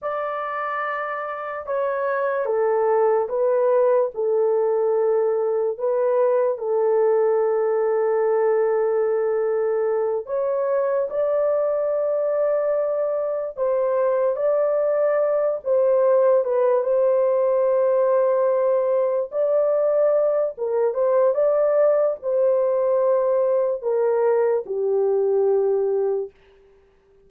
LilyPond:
\new Staff \with { instrumentName = "horn" } { \time 4/4 \tempo 4 = 73 d''2 cis''4 a'4 | b'4 a'2 b'4 | a'1~ | a'8 cis''4 d''2~ d''8~ |
d''8 c''4 d''4. c''4 | b'8 c''2. d''8~ | d''4 ais'8 c''8 d''4 c''4~ | c''4 ais'4 g'2 | }